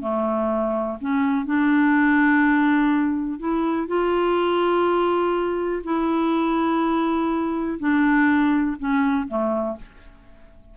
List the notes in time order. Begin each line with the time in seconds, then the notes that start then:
0.00 A3
1.00 C#4
1.45 D4
3.39 E4
3.87 F4
5.83 E4
7.79 D4
8.78 C#4
9.27 A3